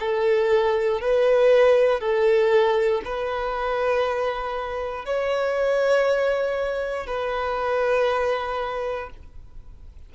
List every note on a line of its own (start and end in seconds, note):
0.00 1.01 A4
1.01 2.01 B4
2.01 3.02 A4
3.05 5.06 B4
5.06 7.07 C#5
7.07 9.10 B4